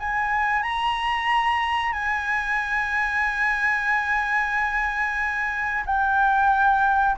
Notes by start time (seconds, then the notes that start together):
0.00 G#5
0.62 A#5
1.92 G#5
5.85 G5